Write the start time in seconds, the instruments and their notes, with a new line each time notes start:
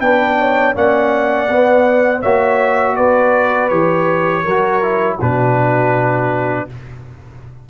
0.00 tuba B3, trombone D4, horn B4, trumpet G5
0.38 horn C#5
0.74 tuba A#3, trombone C#4, horn D5, trumpet F#5
1.49 tuba B3, trombone B3
2.22 tuba A#3, trombone F#4, horn C#5, trumpet E5
2.96 tuba B3, horn B4, trumpet D5
3.68 tuba E3, trombone G4, trumpet C#5
4.43 tuba F#3, horn A#4
4.49 trombone F#4
4.82 trombone E4
5.17 tuba B2, trombone D4, horn F#4, trumpet B4